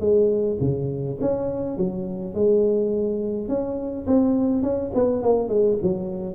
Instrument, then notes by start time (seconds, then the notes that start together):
tuba
0.00 G#3
0.61 C#3
1.21 C#4
1.77 F#3
2.34 G#3
3.49 C#4
4.07 C4
4.63 C#4
4.95 B3
5.23 A#3
5.49 G#3
5.82 F#3